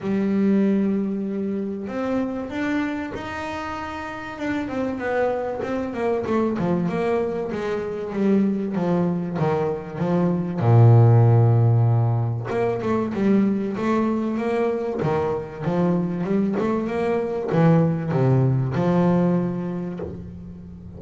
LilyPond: \new Staff \with { instrumentName = "double bass" } { \time 4/4 \tempo 4 = 96 g2. c'4 | d'4 dis'2 d'8 c'8 | b4 c'8 ais8 a8 f8 ais4 | gis4 g4 f4 dis4 |
f4 ais,2. | ais8 a8 g4 a4 ais4 | dis4 f4 g8 a8 ais4 | e4 c4 f2 | }